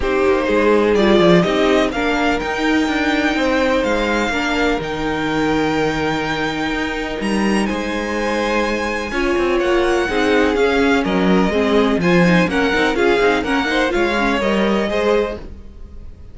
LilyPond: <<
  \new Staff \with { instrumentName = "violin" } { \time 4/4 \tempo 4 = 125 c''2 d''4 dis''4 | f''4 g''2. | f''2 g''2~ | g''2. ais''4 |
gis''1 | fis''2 f''4 dis''4~ | dis''4 gis''4 fis''4 f''4 | fis''4 f''4 dis''2 | }
  \new Staff \with { instrumentName = "violin" } { \time 4/4 g'4 gis'2 g'4 | ais'2. c''4~ | c''4 ais'2.~ | ais'1 |
c''2. cis''4~ | cis''4 gis'2 ais'4 | gis'4 c''4 ais'4 gis'4 | ais'8 c''8 cis''2 c''4 | }
  \new Staff \with { instrumentName = "viola" } { \time 4/4 dis'2 f'4 dis'4 | d'4 dis'2.~ | dis'4 d'4 dis'2~ | dis'1~ |
dis'2. f'4~ | f'4 dis'4 cis'2 | c'4 f'8 dis'8 cis'8 dis'8 f'8 dis'8 | cis'8 dis'8 f'8 cis'8 ais'4 gis'4 | }
  \new Staff \with { instrumentName = "cello" } { \time 4/4 c'8 ais8 gis4 g8 f8 c'4 | ais4 dis'4 d'4 c'4 | gis4 ais4 dis2~ | dis2 dis'4 g4 |
gis2. cis'8 c'8 | ais4 c'4 cis'4 fis4 | gis4 f4 ais8 c'8 cis'8 c'8 | ais4 gis4 g4 gis4 | }
>>